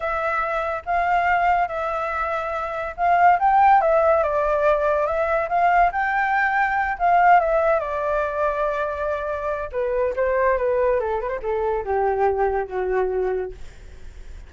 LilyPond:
\new Staff \with { instrumentName = "flute" } { \time 4/4 \tempo 4 = 142 e''2 f''2 | e''2. f''4 | g''4 e''4 d''2 | e''4 f''4 g''2~ |
g''8 f''4 e''4 d''4.~ | d''2. b'4 | c''4 b'4 a'8 b'16 c''16 a'4 | g'2 fis'2 | }